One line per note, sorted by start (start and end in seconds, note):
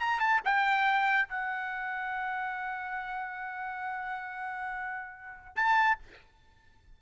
0.00 0.20 A#5
0.20 0.41 A5
0.45 1.29 G5
1.29 5.56 F#5
5.56 5.99 A5